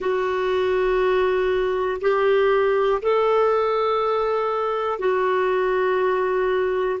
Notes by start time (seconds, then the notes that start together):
0.00 F#4
2.00 G4
3.01 A4
4.99 F#4